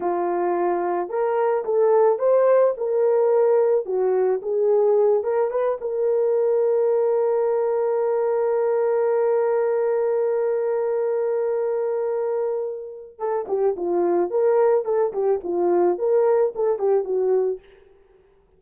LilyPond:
\new Staff \with { instrumentName = "horn" } { \time 4/4 \tempo 4 = 109 f'2 ais'4 a'4 | c''4 ais'2 fis'4 | gis'4. ais'8 b'8 ais'4.~ | ais'1~ |
ais'1~ | ais'1 | a'8 g'8 f'4 ais'4 a'8 g'8 | f'4 ais'4 a'8 g'8 fis'4 | }